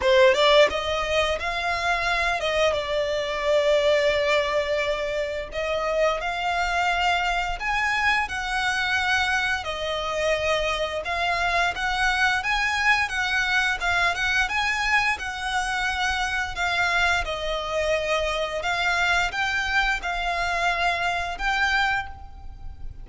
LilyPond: \new Staff \with { instrumentName = "violin" } { \time 4/4 \tempo 4 = 87 c''8 d''8 dis''4 f''4. dis''8 | d''1 | dis''4 f''2 gis''4 | fis''2 dis''2 |
f''4 fis''4 gis''4 fis''4 | f''8 fis''8 gis''4 fis''2 | f''4 dis''2 f''4 | g''4 f''2 g''4 | }